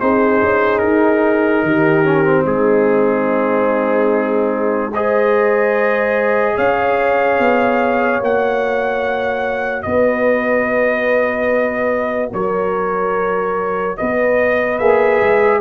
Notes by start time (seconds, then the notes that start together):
0.00 C4 D#4 G#4 C5
0.43 C#4
0.78 D#4 A#4
1.63 D#3 G4
2.04 C#4
2.24 C4
2.45 G#3 D#4 G#4
4.94 G#4 C5 D#5
6.55 C#4 C#5 F5
7.39 B3
8.21 A#3 F#4 F#5
9.82 B3 B4 D#5
12.32 F#3 A#4 C#5
13.97 B3 B4 D#5
14.78 A#3 G#4 E5
15.21 G#3